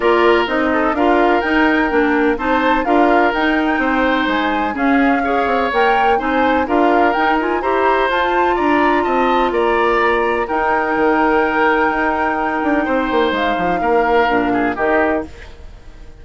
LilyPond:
<<
  \new Staff \with { instrumentName = "flute" } { \time 4/4 \tempo 4 = 126 d''4 dis''4 f''4 g''4~ | g''4 a''4 f''4 g''4~ | g''4 gis''4 f''2 | g''4 gis''4 f''4 g''8 gis''8 |
ais''4 a''4 ais''4 a''4 | ais''2 g''2~ | g''1 | f''2. dis''4 | }
  \new Staff \with { instrumentName = "oboe" } { \time 4/4 ais'4. a'8 ais'2~ | ais'4 c''4 ais'2 | c''2 gis'4 cis''4~ | cis''4 c''4 ais'2 |
c''2 d''4 dis''4 | d''2 ais'2~ | ais'2. c''4~ | c''4 ais'4. gis'8 g'4 | }
  \new Staff \with { instrumentName = "clarinet" } { \time 4/4 f'4 dis'4 f'4 dis'4 | d'4 dis'4 f'4 dis'4~ | dis'2 cis'4 gis'4 | ais'4 dis'4 f'4 dis'8 f'8 |
g'4 f'2.~ | f'2 dis'2~ | dis'1~ | dis'2 d'4 dis'4 | }
  \new Staff \with { instrumentName = "bassoon" } { \time 4/4 ais4 c'4 d'4 dis'4 | ais4 c'4 d'4 dis'4 | c'4 gis4 cis'4. c'8 | ais4 c'4 d'4 dis'4 |
e'4 f'4 d'4 c'4 | ais2 dis'4 dis4~ | dis4 dis'4. d'8 c'8 ais8 | gis8 f8 ais4 ais,4 dis4 | }
>>